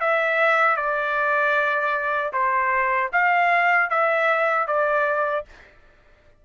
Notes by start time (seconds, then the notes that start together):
0.00 E5
0.76 D5
2.32 C5
3.12 F5
3.90 E5
4.67 D5